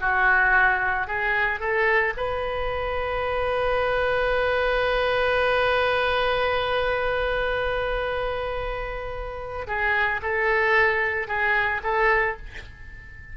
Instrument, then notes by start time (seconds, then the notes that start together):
oboe
0.00 F#4
1.07 G#4
1.60 A4
2.16 B4
9.67 G#4
10.22 A4
11.27 G#4
11.83 A4